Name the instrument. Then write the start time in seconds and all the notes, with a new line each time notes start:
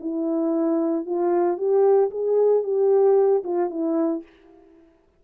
horn
0.00 E4
1.05 F4
1.57 G4
2.10 G#4
2.63 G4
3.44 F4
3.70 E4